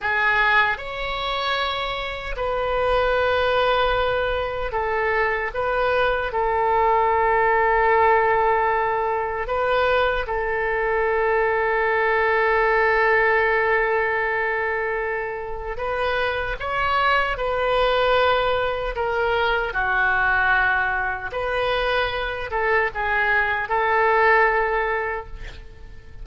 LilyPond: \new Staff \with { instrumentName = "oboe" } { \time 4/4 \tempo 4 = 76 gis'4 cis''2 b'4~ | b'2 a'4 b'4 | a'1 | b'4 a'2.~ |
a'1 | b'4 cis''4 b'2 | ais'4 fis'2 b'4~ | b'8 a'8 gis'4 a'2 | }